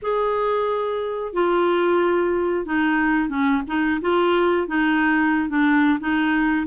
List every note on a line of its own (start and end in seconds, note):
0.02 1.33 G#4
1.33 2.65 F4
2.65 3.28 D#4
3.28 3.62 C#4
3.67 4.00 D#4
4.01 4.67 F4
4.67 5.49 D#4
5.49 5.99 D4
6.00 6.66 D#4